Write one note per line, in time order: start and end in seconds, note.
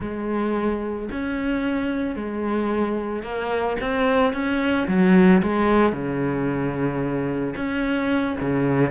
0.00 1.09 G#3
1.11 2.15 C#4
2.15 3.22 G#3
3.22 3.76 A#3
3.80 4.33 C4
4.33 4.87 C#4
4.87 5.42 F#3
5.42 5.92 G#3
5.92 7.54 C#3
7.56 8.37 C#4
8.41 8.90 C#3